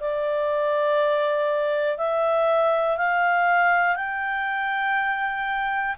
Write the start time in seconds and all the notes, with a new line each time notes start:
0.00 D5
1.98 E5
2.97 F5
3.95 G5